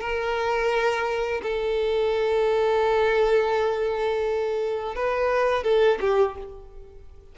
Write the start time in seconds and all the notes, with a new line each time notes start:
0.00 A#4
1.42 A4
4.95 B4
5.63 A4
6.00 G4